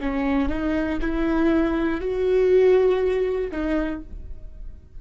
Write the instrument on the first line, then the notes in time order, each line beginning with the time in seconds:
viola
0.00 C#4
0.49 D#4
1.01 E4
2.01 F#4
3.51 D#4